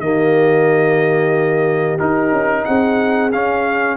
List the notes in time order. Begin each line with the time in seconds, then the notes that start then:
0.00 D#3 A#3 G4 D#5
1.99 D#4 A#4
2.32 C#4
2.65 C4 G#4 F#5
3.32 C#4 F5